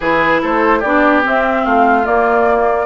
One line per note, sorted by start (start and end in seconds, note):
0.00 0.42 E3
0.00 0.83 E4
0.00 0.41 G#4
0.00 0.42 B4
0.42 0.83 A3
0.42 0.79 A4
0.42 0.80 C5
0.79 1.24 B3
0.79 1.23 D4
0.79 1.61 G4
0.79 1.21 D5
1.23 2.04 C4
1.23 1.65 C4
1.23 1.65 E5
1.64 2.06 A3
1.64 2.86 F4
1.64 2.05 F5
2.04 2.86 A#3
2.04 2.86 D5